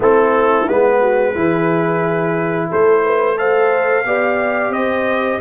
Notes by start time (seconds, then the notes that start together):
0.00 A3 C4 E4 A4
0.68 G#3 B3 B4
1.00 F#4
1.34 E3 E4 G#4
2.69 A3 A4 C5
3.04 B4
3.36 A4 C5 F5
4.04 B3 G4 D5
4.69 C4 C5 D#5